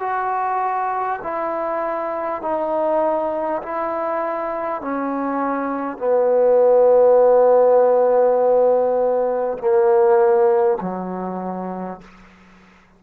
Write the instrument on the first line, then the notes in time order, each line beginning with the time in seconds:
trombone
0.00 F#4
1.23 E4
2.42 D#4
3.62 E4
4.82 C#4
5.98 B3
9.58 A#3
10.81 F#3